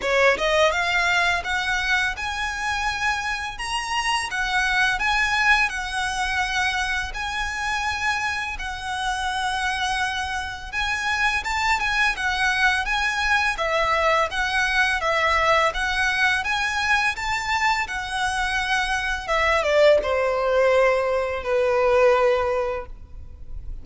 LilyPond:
\new Staff \with { instrumentName = "violin" } { \time 4/4 \tempo 4 = 84 cis''8 dis''8 f''4 fis''4 gis''4~ | gis''4 ais''4 fis''4 gis''4 | fis''2 gis''2 | fis''2. gis''4 |
a''8 gis''8 fis''4 gis''4 e''4 | fis''4 e''4 fis''4 gis''4 | a''4 fis''2 e''8 d''8 | c''2 b'2 | }